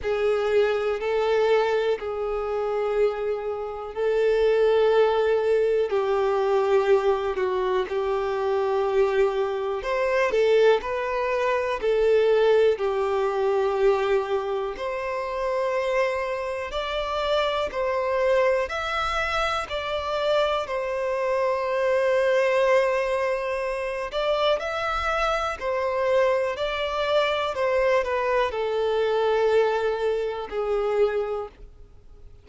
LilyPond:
\new Staff \with { instrumentName = "violin" } { \time 4/4 \tempo 4 = 61 gis'4 a'4 gis'2 | a'2 g'4. fis'8 | g'2 c''8 a'8 b'4 | a'4 g'2 c''4~ |
c''4 d''4 c''4 e''4 | d''4 c''2.~ | c''8 d''8 e''4 c''4 d''4 | c''8 b'8 a'2 gis'4 | }